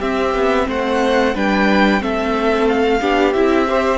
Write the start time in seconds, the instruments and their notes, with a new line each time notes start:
0.00 viola C4, cello C4, violin G4 E5
0.35 cello B3
0.68 cello A3, violin C5 F#5
1.35 cello G3, viola D4, violin B4 G5
2.00 cello A3, viola C4, violin A4 E5
2.68 violin F5
3.01 cello B3, viola D4, violin G4
3.33 cello C4, viola E4, violin E5
3.68 viola G4, violin C5